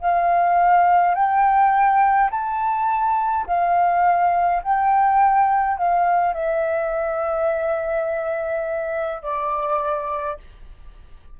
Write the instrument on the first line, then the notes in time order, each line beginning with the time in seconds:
flute
0.00 F5
1.14 G5
2.31 A5
3.47 F5
4.63 G5
5.77 F5
6.33 E5
9.22 D5